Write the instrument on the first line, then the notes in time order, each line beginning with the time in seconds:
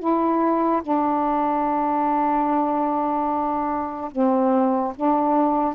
saxophone
0.00 E4
0.83 D4
4.12 C4
4.96 D4